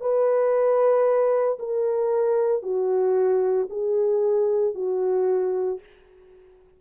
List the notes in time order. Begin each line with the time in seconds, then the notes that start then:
0.00 B4
1.58 A#4
2.62 F#4
3.69 G#4
4.74 F#4